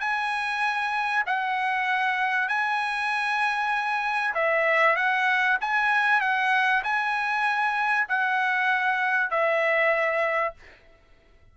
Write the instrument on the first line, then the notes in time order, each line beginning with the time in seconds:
trumpet
0.00 G#5
1.27 F#5
2.48 G#5
4.34 E5
4.96 F#5
5.61 G#5
6.21 F#5
6.84 G#5
8.08 F#5
9.31 E5